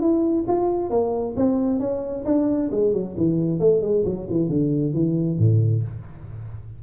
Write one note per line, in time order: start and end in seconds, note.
0.00 0.45 E4
0.47 0.90 F4
0.90 1.35 A#3
1.37 1.80 C4
1.80 2.24 C#4
2.25 2.70 D4
2.71 2.93 G#3
2.93 3.15 F#3
3.17 3.60 E3
3.60 3.82 A3
3.82 4.04 G#3
4.05 4.28 F#3
4.30 4.49 E3
4.49 4.94 D3
4.94 5.39 E3
5.39 5.83 A2